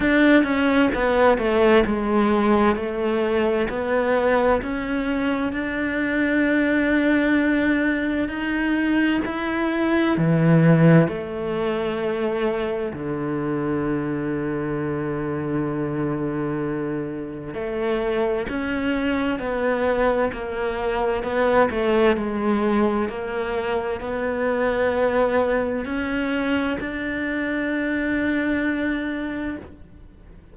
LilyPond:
\new Staff \with { instrumentName = "cello" } { \time 4/4 \tempo 4 = 65 d'8 cis'8 b8 a8 gis4 a4 | b4 cis'4 d'2~ | d'4 dis'4 e'4 e4 | a2 d2~ |
d2. a4 | cis'4 b4 ais4 b8 a8 | gis4 ais4 b2 | cis'4 d'2. | }